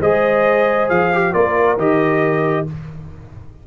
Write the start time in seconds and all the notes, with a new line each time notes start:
0.00 G#3 G#4 C5 D#5
0.90 F3 F5
1.13 G4
1.32 A#3 F4 A#4 D5
1.77 D#3 G4 D#5